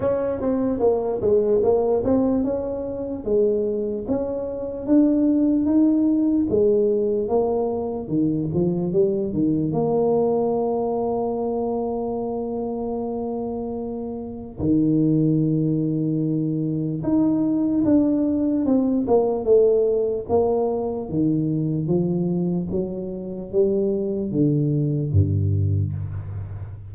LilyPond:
\new Staff \with { instrumentName = "tuba" } { \time 4/4 \tempo 4 = 74 cis'8 c'8 ais8 gis8 ais8 c'8 cis'4 | gis4 cis'4 d'4 dis'4 | gis4 ais4 dis8 f8 g8 dis8 | ais1~ |
ais2 dis2~ | dis4 dis'4 d'4 c'8 ais8 | a4 ais4 dis4 f4 | fis4 g4 d4 g,4 | }